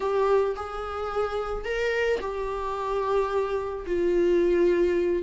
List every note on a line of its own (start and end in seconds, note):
0.00 0.55 G4
0.56 1.64 G#4
1.64 2.19 A#4
2.20 3.85 G4
3.86 5.22 F4